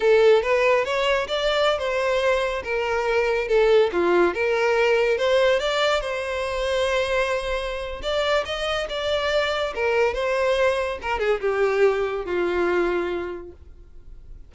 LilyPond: \new Staff \with { instrumentName = "violin" } { \time 4/4 \tempo 4 = 142 a'4 b'4 cis''4 d''4~ | d''16 c''2 ais'4.~ ais'16~ | ais'16 a'4 f'4 ais'4.~ ais'16~ | ais'16 c''4 d''4 c''4.~ c''16~ |
c''2. d''4 | dis''4 d''2 ais'4 | c''2 ais'8 gis'8 g'4~ | g'4 f'2. | }